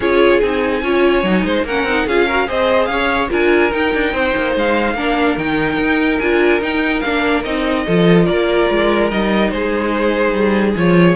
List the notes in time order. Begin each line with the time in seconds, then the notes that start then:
0.00 C#4 F4 G#4 C#5
0.40 C4 D#4 G#5
0.82 C#4 F4 C#5
1.22 F#3 D#4
1.44 G#3 C5
1.64 A#3 C#4 A#4 F#5
1.83 C4 D#4
2.06 C#4 F4 G#4 F5
2.26 F#4 A#4
2.46 C4 G#4 C5 D#5
2.85 C#4 C#5 F5
3.29 D4 F4 A#4 G#5
3.71 D#4 G5
3.94 D4
4.12 C4 C5
4.36 A#3
4.55 G#3 F5
4.94 A#3 D4 A#4
5.37 D#3 D#4 G5
5.78 D#4
6.19 D4 F4 G#5
6.60 D#4 G5
7.00 A#3 D4 F5
7.43 C4 D#4 D#5
7.86 F3 F4 A4
8.26 A#3 A#4 D5
8.70 G#3
9.10 G3 D#4 D#5
9.50 G#3 G#4 C5
10.33 G3
10.76 F3 F4 C#5